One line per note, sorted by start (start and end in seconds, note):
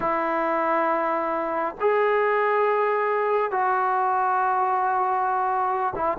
0.00 1.75 E4
1.80 3.51 G#4
3.51 5.94 F#4
5.95 6.17 E4